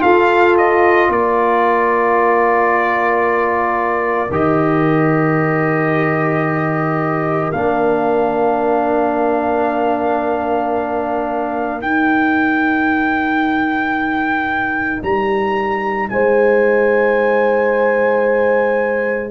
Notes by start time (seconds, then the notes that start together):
0.00 F4 A4 F5
0.58 D#5
1.09 A#3 A#4 D5
4.31 D#3 G4 D#5
7.52 A#3 D4 F5
11.81 D#4 G5
15.03 G3 A#5
16.10 G#3 C5 G#5